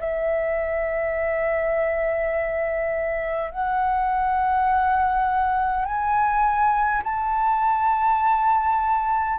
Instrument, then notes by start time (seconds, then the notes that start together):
flute
0.00 E5
3.51 F#5
5.86 G#5
7.04 A5